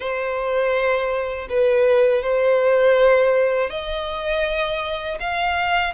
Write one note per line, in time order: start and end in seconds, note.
0.00 1.48 C5
1.49 2.22 B4
2.22 3.70 C5
3.70 5.18 D#5
5.20 5.93 F5